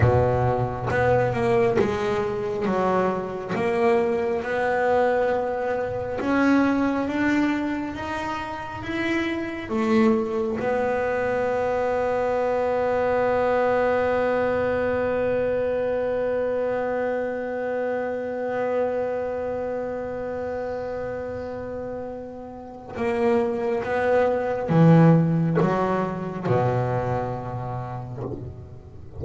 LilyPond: \new Staff \with { instrumentName = "double bass" } { \time 4/4 \tempo 4 = 68 b,4 b8 ais8 gis4 fis4 | ais4 b2 cis'4 | d'4 dis'4 e'4 a4 | b1~ |
b1~ | b1~ | b2 ais4 b4 | e4 fis4 b,2 | }